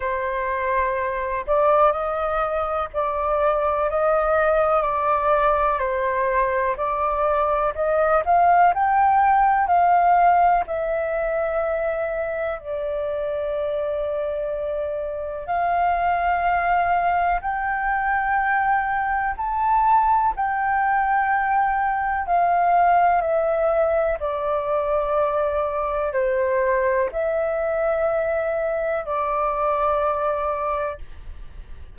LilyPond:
\new Staff \with { instrumentName = "flute" } { \time 4/4 \tempo 4 = 62 c''4. d''8 dis''4 d''4 | dis''4 d''4 c''4 d''4 | dis''8 f''8 g''4 f''4 e''4~ | e''4 d''2. |
f''2 g''2 | a''4 g''2 f''4 | e''4 d''2 c''4 | e''2 d''2 | }